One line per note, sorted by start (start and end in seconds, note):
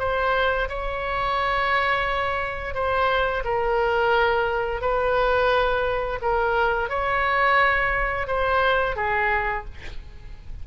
0.00 0.69 C5
0.69 2.75 C#5
2.75 3.44 C5
3.45 4.82 A#4
4.82 6.19 B4
6.22 6.90 A#4
6.90 8.28 C#5
8.28 8.97 C5
8.97 9.66 G#4